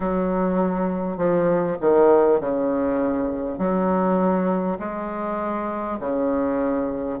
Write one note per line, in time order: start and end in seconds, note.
0.00 1.17 F#3
1.17 1.77 F3
1.81 2.40 D#3
2.40 3.58 C#3
3.58 4.78 F#3
4.79 5.99 G#3
5.99 7.19 C#3